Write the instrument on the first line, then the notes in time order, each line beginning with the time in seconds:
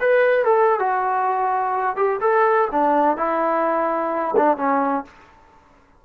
trombone
0.00 B4
0.44 A4
0.79 F#4
1.96 G4
2.21 A4
2.71 D4
3.17 E4
4.37 D4
4.57 C#4